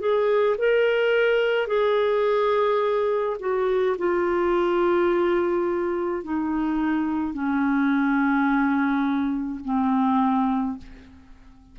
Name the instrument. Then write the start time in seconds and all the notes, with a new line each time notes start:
clarinet
0.00 G#4
0.59 A#4
1.67 G#4
3.40 F#4
3.99 F4
6.24 D#4
7.34 C#4
9.65 C4